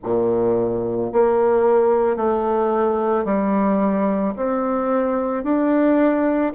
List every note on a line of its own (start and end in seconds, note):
0.03 1.12 A#2
1.12 2.16 A#3
2.16 3.24 A3
3.24 4.33 G3
4.36 5.43 C4
5.43 6.52 D4